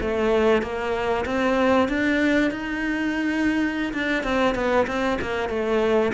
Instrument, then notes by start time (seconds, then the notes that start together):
cello
0.00 A3
0.62 A#3
1.25 C4
1.88 D4
2.51 D#4
3.93 D4
4.23 C4
4.55 B3
4.87 C4
5.21 A#3
5.49 A3